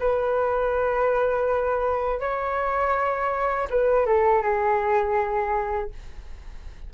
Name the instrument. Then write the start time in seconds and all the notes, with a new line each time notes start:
flute
0.00 B4
2.20 C#5
3.70 B4
4.06 A4
4.42 G#4